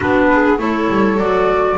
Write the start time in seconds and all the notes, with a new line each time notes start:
0.00 B3 D4 F#4 B4
0.32 G#4
0.58 A3 E4 A4 C#5
0.88 G3
1.17 F#3 F#4 D5